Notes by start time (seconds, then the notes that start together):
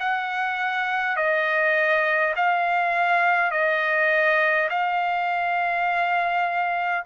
0.00 F#5
1.17 D#5
2.36 F5
3.51 D#5
4.70 F5